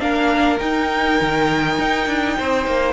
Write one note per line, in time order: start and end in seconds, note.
0.00 0.61 A#3
0.00 0.59 D4
0.00 2.38 A#4
0.00 0.59 F5
0.59 2.93 D#4
0.59 1.20 D#4
0.59 2.93 G5
1.21 1.79 D#3
1.79 2.07 D#4
2.07 2.36 D4
2.38 2.67 C4
2.38 2.93 C5
2.67 2.93 A#3